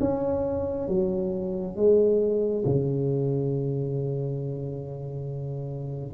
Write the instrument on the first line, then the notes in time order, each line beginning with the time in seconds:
tuba
0.00 C#4
0.88 F#3
1.76 G#3
2.66 C#3